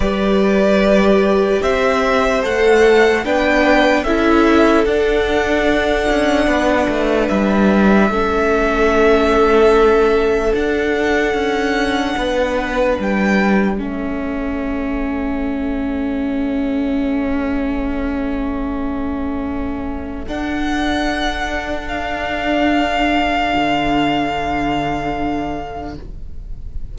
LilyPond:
<<
  \new Staff \with { instrumentName = "violin" } { \time 4/4 \tempo 4 = 74 d''2 e''4 fis''4 | g''4 e''4 fis''2~ | fis''4 e''2.~ | e''4 fis''2. |
g''4 e''2.~ | e''1~ | e''4 fis''2 f''4~ | f''1 | }
  \new Staff \with { instrumentName = "violin" } { \time 4/4 b'2 c''2 | b'4 a'2. | b'2 a'2~ | a'2. b'4~ |
b'4 a'2.~ | a'1~ | a'1~ | a'1 | }
  \new Staff \with { instrumentName = "viola" } { \time 4/4 g'2. a'4 | d'4 e'4 d'2~ | d'2 cis'2~ | cis'4 d'2.~ |
d'4 cis'2.~ | cis'1~ | cis'4 d'2.~ | d'1 | }
  \new Staff \with { instrumentName = "cello" } { \time 4/4 g2 c'4 a4 | b4 cis'4 d'4. cis'8 | b8 a8 g4 a2~ | a4 d'4 cis'4 b4 |
g4 a2.~ | a1~ | a4 d'2.~ | d'4 d2. | }
>>